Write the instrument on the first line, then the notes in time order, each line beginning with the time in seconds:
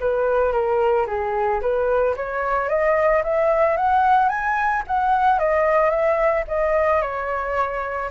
flute
0.00 B4
0.53 A#4
1.07 G#4
1.61 B4
2.16 C#5
2.69 D#5
3.24 E5
3.77 F#5
4.29 G#5
4.87 F#5
5.39 D#5
5.90 E5
6.48 D#5
7.02 C#5